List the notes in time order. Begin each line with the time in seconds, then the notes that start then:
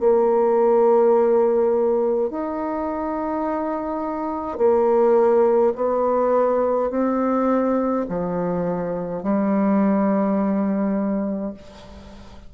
0.00 A#3
2.30 D#4
4.58 A#3
5.75 B3
6.90 C4
8.09 F3
9.23 G3